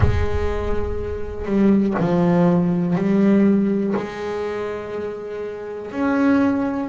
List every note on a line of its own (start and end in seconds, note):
0.00 1.45 G#3
1.45 1.94 G3
1.99 2.95 F3
2.95 3.93 G3
3.96 5.92 G#3
5.92 6.89 C#4